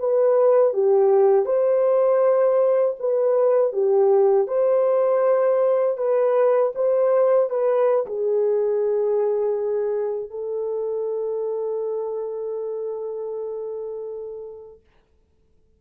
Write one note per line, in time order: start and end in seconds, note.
0.00 0.74 B4
0.74 1.46 G4
1.46 2.96 C5
3.00 3.73 B4
3.73 4.48 G4
4.48 5.98 C5
5.98 6.73 B4
6.75 7.50 C5
7.50 8.07 B4
8.07 10.31 G#4
10.31 14.81 A4